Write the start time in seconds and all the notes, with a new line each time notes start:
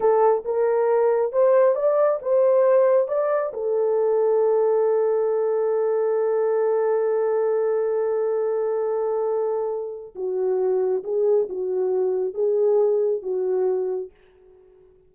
0.00 A4
0.45 A#4
1.32 C5
1.75 D5
2.22 C5
3.07 D5
3.53 A4
10.15 F#4
11.03 G#4
11.49 F#4
12.34 G#4
13.22 F#4